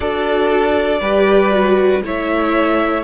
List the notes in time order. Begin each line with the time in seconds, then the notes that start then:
0.00 D4 F#4 A4 D5
1.00 G3 G4 B4
1.51 F#4
2.03 A3 E4 C#5 E5